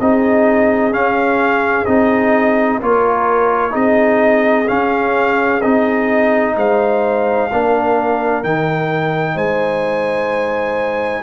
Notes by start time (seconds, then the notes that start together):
0.00 C4 D#4 G#4 D#5
0.91 C#4 F5
1.85 C4 D#4 D#5
2.82 A#3 F4 A#4 C#5
3.71 C4 D#4 G#4 D#5
4.67 C#4 F5
5.61 C4 D#4 D#5
6.56 G#3 C5 F5
7.51 A#3 D4 A#4
8.43 D#3 D#4 G5
9.35 G#3 C5 G#5